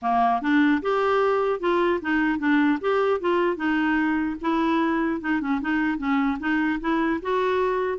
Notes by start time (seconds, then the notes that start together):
0.02 A#3
0.41 D4
0.81 G4
1.59 F4
2.01 D#4
2.39 D4
2.80 G4
3.20 F4
3.56 D#4
4.41 E4
5.20 D#4
5.40 C#4
5.61 D#4
5.98 C#4
6.39 D#4
6.80 E4
7.21 F#4